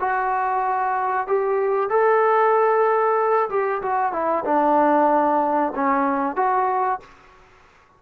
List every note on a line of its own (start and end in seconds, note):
0.00 1.27 F#4
1.27 1.89 G4
1.89 3.49 A4
3.49 3.81 G4
3.82 4.12 F#4
4.12 4.44 E4
4.45 5.72 D4
5.75 6.36 C#4
6.36 7.00 F#4